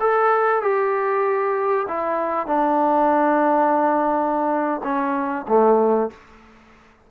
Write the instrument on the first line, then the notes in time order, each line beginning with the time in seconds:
trombone
0.00 A4
0.62 G4
1.88 E4
2.47 D4
4.84 C#4
5.48 A3